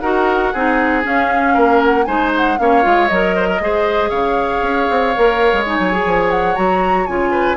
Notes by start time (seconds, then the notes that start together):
0.00 D#4 F#4 A#4 F#5
0.53 C4 D#4 G#4
1.03 C#4 F5
1.54 A#3 A#4
1.85 F#5
2.05 G#3 D#4 C5 G#5
2.37 F#5
2.58 A#3 C#4 C#5 F5
2.82 G#3 F4
3.08 F#3 A#4 D#5
3.36 C5
3.48 A#4
3.60 G#3 G#4 C5
4.10 C#3 C#5 F5
4.61 C#4
4.90 C4
5.15 A#3 A#4
5.53 G#3
5.66 D#4 G#5
5.79 F#3
5.92 G#4
6.05 F3
6.31 F#5
6.55 F#3 F#4 A#5
7.07 C#3 F4 G#5
7.31 B4